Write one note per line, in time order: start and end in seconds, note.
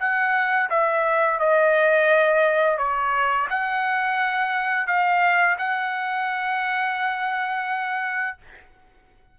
0.00 0.70 F#5
0.70 1.40 E5
1.40 2.78 D#5
2.78 3.48 C#5
3.50 4.87 F#5
4.87 5.57 F5
5.59 8.38 F#5